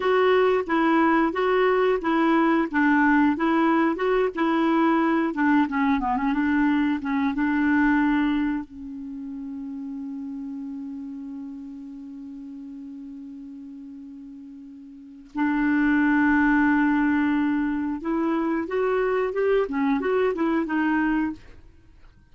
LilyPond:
\new Staff \with { instrumentName = "clarinet" } { \time 4/4 \tempo 4 = 90 fis'4 e'4 fis'4 e'4 | d'4 e'4 fis'8 e'4. | d'8 cis'8 b16 cis'16 d'4 cis'8 d'4~ | d'4 cis'2.~ |
cis'1~ | cis'2. d'4~ | d'2. e'4 | fis'4 g'8 cis'8 fis'8 e'8 dis'4 | }